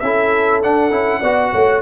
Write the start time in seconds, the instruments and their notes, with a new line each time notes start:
0.00 tuba C#4, trombone E4, horn A4, trumpet E5
0.62 tuba D4, trombone D4, trumpet F#5
0.91 tuba C#4, trombone E4
1.20 tuba B3, trombone F#4, horn D5
1.52 tuba A3, horn C#5